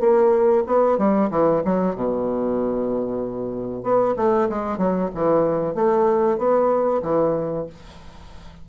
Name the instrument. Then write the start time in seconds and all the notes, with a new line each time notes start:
bassoon
0.00 A#3
0.66 B3
0.98 G3
1.31 E3
1.65 F#3
1.95 B2
3.83 B3
4.17 A3
4.49 G#3
4.78 F#3
5.15 E3
5.75 A3
6.38 B3
7.03 E3